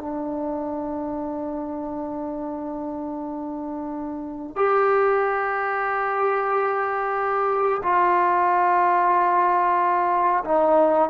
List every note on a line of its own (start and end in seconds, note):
0.00 4.56 D4
4.56 7.82 G4
7.83 10.44 F4
10.45 11.10 D#4